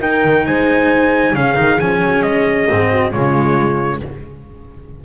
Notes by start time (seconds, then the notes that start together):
0.00 D#4 A#4 G5
0.24 D#3
0.46 G#3 C5 G#5
1.33 C#3 C#4 G#4 F5
1.55 D#3 D#4
1.80 F3 C#4 G#5
2.02 F#3
2.23 G#3 D#5
2.69 G#2 C4
2.90 F#4
3.11 C#3 G#3 F4 C#5